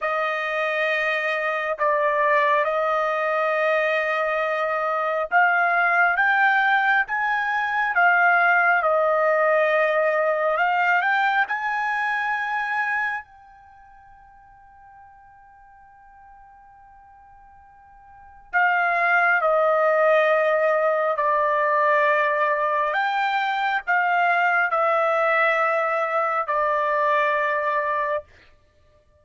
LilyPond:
\new Staff \with { instrumentName = "trumpet" } { \time 4/4 \tempo 4 = 68 dis''2 d''4 dis''4~ | dis''2 f''4 g''4 | gis''4 f''4 dis''2 | f''8 g''8 gis''2 g''4~ |
g''1~ | g''4 f''4 dis''2 | d''2 g''4 f''4 | e''2 d''2 | }